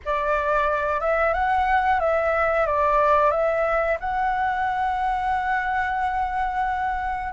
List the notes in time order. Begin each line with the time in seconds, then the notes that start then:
0.05 D5
1.00 E5
1.33 F#5
2.00 E5
2.66 D5
3.30 E5
4.00 F#5